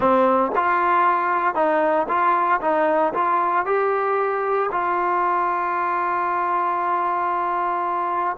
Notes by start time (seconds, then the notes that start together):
0.00 C4
0.55 F4
1.54 D#4
2.08 F4
2.61 D#4
3.13 F4
3.65 G4
4.71 F4